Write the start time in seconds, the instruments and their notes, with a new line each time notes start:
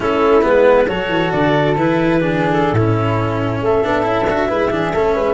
0.00 tuba A3, cello C#4, flute E4, clarinet A4
0.42 tuba G#3, cello B3, clarinet B4
0.88 tuba F#3, cello F#4, flute A4, clarinet C#5
1.08 tuba E3
1.31 tuba D3, clarinet D5
1.76 tuba E3, cello E4, clarinet B4
2.20 cello D4, flute G#4
2.51 clarinet A4
2.72 tuba A2, cello C#4, flute E4
3.60 tuba A3, flute A4, clarinet E5
3.83 tuba B3, cello D4
4.02 tuba C#4, cello E4
4.27 tuba D4, cello F#4
4.47 tuba G#3, cello E4, flute B4
4.69 tuba E3, cello D4, flute G#4
4.93 tuba A3, cello C#4, flute A4
5.14 tuba G#3, flute B4